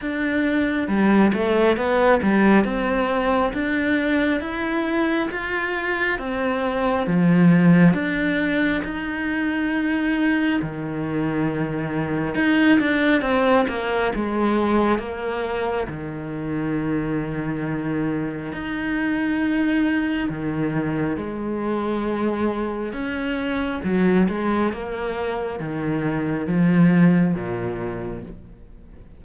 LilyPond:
\new Staff \with { instrumentName = "cello" } { \time 4/4 \tempo 4 = 68 d'4 g8 a8 b8 g8 c'4 | d'4 e'4 f'4 c'4 | f4 d'4 dis'2 | dis2 dis'8 d'8 c'8 ais8 |
gis4 ais4 dis2~ | dis4 dis'2 dis4 | gis2 cis'4 fis8 gis8 | ais4 dis4 f4 ais,4 | }